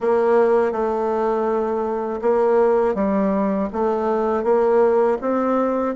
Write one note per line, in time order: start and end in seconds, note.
0.00 0.72 A#3
0.72 2.20 A3
2.21 2.95 A#3
2.95 3.68 G3
3.72 4.43 A3
4.43 5.17 A#3
5.21 5.95 C4